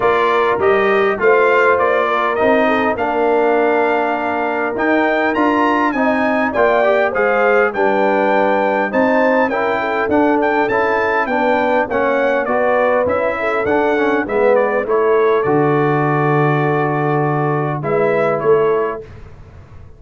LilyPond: <<
  \new Staff \with { instrumentName = "trumpet" } { \time 4/4 \tempo 4 = 101 d''4 dis''4 f''4 d''4 | dis''4 f''2. | g''4 ais''4 gis''4 g''4 | f''4 g''2 a''4 |
g''4 fis''8 g''8 a''4 g''4 | fis''4 d''4 e''4 fis''4 | e''8 d''8 cis''4 d''2~ | d''2 e''4 cis''4 | }
  \new Staff \with { instrumentName = "horn" } { \time 4/4 ais'2 c''4. ais'8~ | ais'8 a'8 ais'2.~ | ais'2 dis''4 d''4 | c''4 b'2 c''4 |
ais'8 a'2~ a'8 b'4 | cis''4 b'4. a'4. | b'4 a'2.~ | a'2 b'4 a'4 | }
  \new Staff \with { instrumentName = "trombone" } { \time 4/4 f'4 g'4 f'2 | dis'4 d'2. | dis'4 f'4 dis'4 f'8 g'8 | gis'4 d'2 dis'4 |
e'4 d'4 e'4 d'4 | cis'4 fis'4 e'4 d'8 cis'8 | b4 e'4 fis'2~ | fis'2 e'2 | }
  \new Staff \with { instrumentName = "tuba" } { \time 4/4 ais4 g4 a4 ais4 | c'4 ais2. | dis'4 d'4 c'4 ais4 | gis4 g2 c'4 |
cis'4 d'4 cis'4 b4 | ais4 b4 cis'4 d'4 | gis4 a4 d2~ | d2 gis4 a4 | }
>>